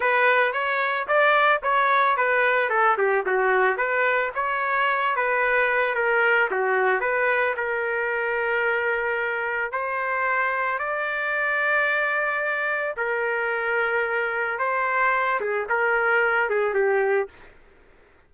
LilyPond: \new Staff \with { instrumentName = "trumpet" } { \time 4/4 \tempo 4 = 111 b'4 cis''4 d''4 cis''4 | b'4 a'8 g'8 fis'4 b'4 | cis''4. b'4. ais'4 | fis'4 b'4 ais'2~ |
ais'2 c''2 | d''1 | ais'2. c''4~ | c''8 gis'8 ais'4. gis'8 g'4 | }